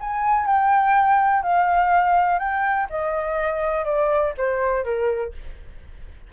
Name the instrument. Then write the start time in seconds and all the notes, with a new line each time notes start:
flute
0.00 G#5
0.46 G5
1.43 F5
2.39 G5
2.89 D#5
3.85 D5
4.37 C5
4.84 A#4